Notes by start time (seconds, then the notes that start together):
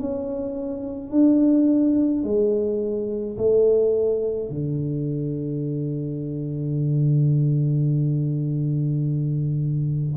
0.00 C#4
1.11 D4
2.24 G#3
3.38 A3
4.50 D3